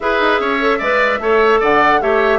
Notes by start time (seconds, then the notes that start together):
0.00 E4 G#4 B4 E5
0.19 D#4
0.39 C#4 C#5
0.60 A4
0.78 G#3 B4 D5
1.19 A3 A4 C#5
1.60 D3 D5 F#5
2.00 A3 G4 C#5 E5